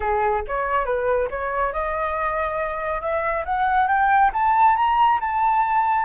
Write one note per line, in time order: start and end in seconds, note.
0.00 0.43 G#4
0.47 0.85 C#5
0.85 1.28 B4
1.30 1.72 C#5
1.72 3.01 D#5
3.01 3.44 E5
3.45 3.87 F#5
3.87 4.30 G5
4.33 4.75 A5
4.75 5.19 A#5
5.20 6.05 A5